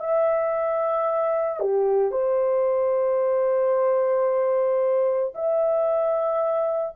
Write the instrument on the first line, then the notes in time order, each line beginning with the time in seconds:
horn
0.00 E5
1.60 G4
2.11 C5
5.35 E5